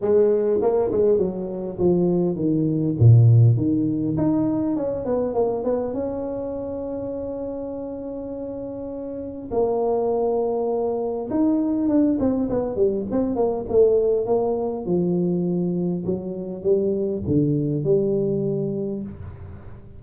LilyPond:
\new Staff \with { instrumentName = "tuba" } { \time 4/4 \tempo 4 = 101 gis4 ais8 gis8 fis4 f4 | dis4 ais,4 dis4 dis'4 | cis'8 b8 ais8 b8 cis'2~ | cis'1 |
ais2. dis'4 | d'8 c'8 b8 g8 c'8 ais8 a4 | ais4 f2 fis4 | g4 d4 g2 | }